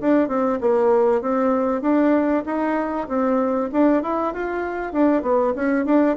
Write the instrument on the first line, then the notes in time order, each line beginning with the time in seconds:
bassoon
0.00 D4
0.28 C4
0.60 A#3
1.21 C4
1.81 D4
2.45 D#4
3.08 C4
3.72 D4
4.02 E4
4.33 F4
4.92 D4
5.22 B3
5.55 C#4
5.85 D4